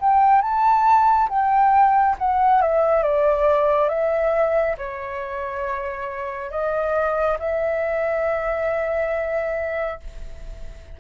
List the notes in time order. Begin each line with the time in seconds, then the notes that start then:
0.00 G5
0.42 A5
1.30 G5
2.19 F#5
2.62 E5
3.03 D5
3.89 E5
4.78 C#5
6.51 D#5
7.40 E5